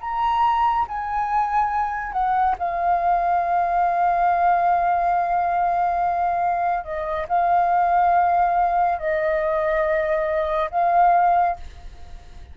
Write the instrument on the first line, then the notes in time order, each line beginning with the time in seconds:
flute
0.00 A#5
0.88 G#5
2.12 F#5
2.58 F5
6.84 D#5
7.29 F5
8.98 D#5
10.71 F5